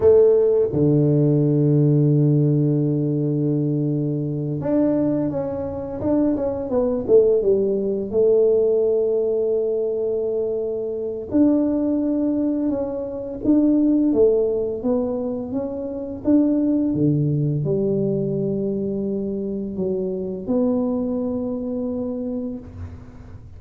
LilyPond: \new Staff \with { instrumentName = "tuba" } { \time 4/4 \tempo 4 = 85 a4 d2.~ | d2~ d8 d'4 cis'8~ | cis'8 d'8 cis'8 b8 a8 g4 a8~ | a1 |
d'2 cis'4 d'4 | a4 b4 cis'4 d'4 | d4 g2. | fis4 b2. | }